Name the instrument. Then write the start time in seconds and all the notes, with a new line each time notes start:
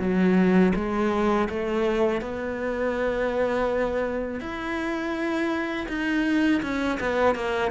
cello
0.00 F#3
0.75 G#3
1.49 A3
2.22 B3
4.41 E4
5.89 D#4
6.63 C#4
7.00 B3
7.36 A#3